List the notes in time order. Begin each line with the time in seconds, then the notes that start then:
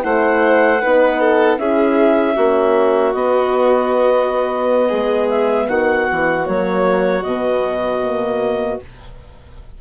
0.00 A3 E4 C5 F#5
0.81 B3 D#4 B4
1.20 A4
1.58 C#4 E4 G#4 E5
2.36 A#3 C#4 F#4
3.13 B3 D#5
4.88 G#3 G#4
5.29 E5
5.68 D#3 F#4 F#5
6.11 E3
6.45 F#3 A#3 C#5
7.23 B2 B3 D#5
8.03 A#3